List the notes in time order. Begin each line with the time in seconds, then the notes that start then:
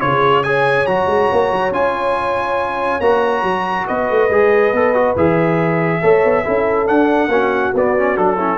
0.00 C#3 F4 G#4 C#5
0.43 G#4 C#5 G#5
0.86 F#3 F#4 A#5
1.06 G#3
1.32 A#3
1.52 F#3
1.71 C#4 F4 G#5
3.00 A#3 F#4 A#5
3.42 F#3
3.86 B3 B4 D#5
4.10 A3
4.30 G#3 G#4
4.73 B3 A4
4.94 F#4
5.16 E3 G#4 E5
6.02 A3 A4 C#5
6.24 B3
6.44 C#4 E4 A4
6.86 D4 F#5
7.27 A#3 C#4 F#4
7.74 B3 D5
7.97 C#4
8.16 F#3 D4 A4
8.37 C#4 E4